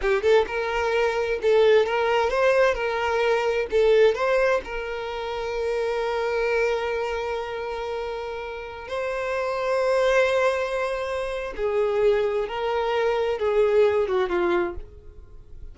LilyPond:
\new Staff \with { instrumentName = "violin" } { \time 4/4 \tempo 4 = 130 g'8 a'8 ais'2 a'4 | ais'4 c''4 ais'2 | a'4 c''4 ais'2~ | ais'1~ |
ais'2.~ ais'16 c''8.~ | c''1~ | c''4 gis'2 ais'4~ | ais'4 gis'4. fis'8 f'4 | }